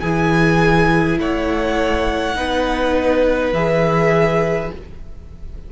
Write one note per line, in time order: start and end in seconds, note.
0.00 1.18 E3
0.00 2.35 E4
0.00 1.19 G#4
0.00 1.18 G#5
1.18 2.36 A3
1.18 2.37 C#5
1.18 3.53 F#5
2.35 3.52 B3
2.35 3.52 D#4
2.35 4.72 B4
3.52 4.70 E3
3.52 4.72 G#4
3.52 4.71 E5